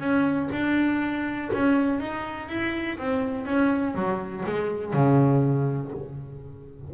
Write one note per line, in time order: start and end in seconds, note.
0.00 0.49 C#4
0.52 1.51 D4
1.54 2.00 C#4
2.00 2.49 D#4
2.49 2.98 E4
2.98 3.46 C4
3.46 3.95 C#4
3.95 4.44 F#3
4.46 4.93 G#3
4.93 5.92 C#3